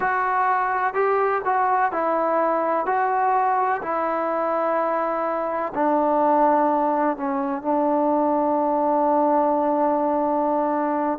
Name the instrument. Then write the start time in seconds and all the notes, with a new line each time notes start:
trombone
0.00 F#4
0.94 G4
1.44 F#4
1.91 E4
2.86 F#4
3.82 E4
5.74 D4
7.16 C#4
7.61 D4